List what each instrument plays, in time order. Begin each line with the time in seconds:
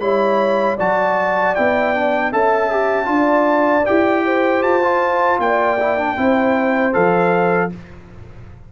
0.00 tuba G3, trombone E4, horn C#5, trumpet B5
0.77 tuba F#3, trombone F#4, horn D5, trumpet A5
1.55 tuba B3, trombone E4, trumpet G5
1.95 trombone D4
2.32 tuba C#4, trombone A4, horn E5, trumpet A5
2.71 trombone G4
3.05 tuba D4, trombone F4
3.11 horn D5
3.86 tuba E4, trombone G4, trumpet G5
4.25 horn C5
4.63 tuba F4, trumpet A5
4.82 trombone F4
5.39 tuba A#3, horn D5, trumpet G5
5.80 trombone E4
5.98 trombone D4
6.17 tuba C4, trombone E4, horn C5
6.93 tuba F3, trombone A4, trumpet F5